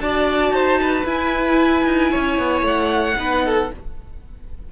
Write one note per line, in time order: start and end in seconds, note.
0.00 0.50 D4
0.00 1.06 F#4
0.00 0.54 D5
0.00 1.05 A5
0.50 1.03 D#4
0.50 0.80 C5
0.81 2.11 B4
1.05 1.84 E4
1.05 3.16 E4
1.05 2.64 G#5
1.84 2.10 D#4
2.11 2.38 C#4
2.11 3.16 C#5
2.38 2.61 B3
2.61 3.14 A3
2.61 3.72 F#5
3.16 3.70 B3
3.16 3.68 D#4
3.16 3.45 B4
3.45 3.71 A4